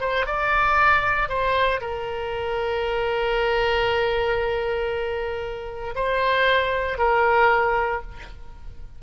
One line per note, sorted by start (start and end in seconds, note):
0.00 0.26 C5
0.26 1.29 D5
1.29 1.80 C5
1.81 5.94 A#4
5.95 6.98 C5
6.98 8.01 A#4